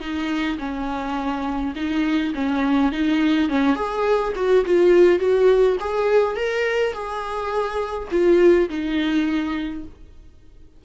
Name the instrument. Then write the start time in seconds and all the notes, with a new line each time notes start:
viola
0.00 D#4
0.58 C#4
1.75 D#4
2.34 C#4
2.92 D#4
3.50 C#4
3.76 G#4
4.36 F#4
4.65 F4
5.19 F#4
5.80 G#4
6.36 A#4
6.93 G#4
8.11 F4
8.69 D#4